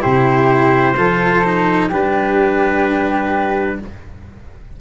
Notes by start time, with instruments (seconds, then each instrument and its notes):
0.00 tuba C3, cello E4, flute G4, trumpet C5
0.97 tuba F3, cello F4, flute A4
1.44 cello D#4
1.89 tuba G3, cello D4, flute G4, trumpet B4